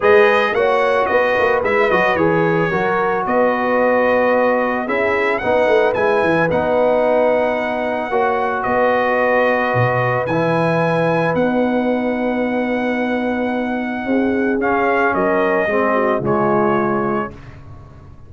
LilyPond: <<
  \new Staff \with { instrumentName = "trumpet" } { \time 4/4 \tempo 4 = 111 dis''4 fis''4 dis''4 e''8 dis''8 | cis''2 dis''2~ | dis''4 e''4 fis''4 gis''4 | fis''1 |
dis''2. gis''4~ | gis''4 fis''2.~ | fis''2. f''4 | dis''2 cis''2 | }
  \new Staff \with { instrumentName = "horn" } { \time 4/4 b'4 cis''4 b'2~ | b'4 ais'4 b'2~ | b'4 gis'4 b'2~ | b'2. cis''4 |
b'1~ | b'1~ | b'2 gis'2 | ais'4 gis'8 fis'8 f'2 | }
  \new Staff \with { instrumentName = "trombone" } { \time 4/4 gis'4 fis'2 e'8 fis'8 | gis'4 fis'2.~ | fis'4 e'4 dis'4 e'4 | dis'2. fis'4~ |
fis'2. e'4~ | e'4 dis'2.~ | dis'2. cis'4~ | cis'4 c'4 gis2 | }
  \new Staff \with { instrumentName = "tuba" } { \time 4/4 gis4 ais4 b8 ais8 gis8 fis8 | e4 fis4 b2~ | b4 cis'4 b8 a8 gis8 e8 | b2. ais4 |
b2 b,4 e4~ | e4 b2.~ | b2 c'4 cis'4 | fis4 gis4 cis2 | }
>>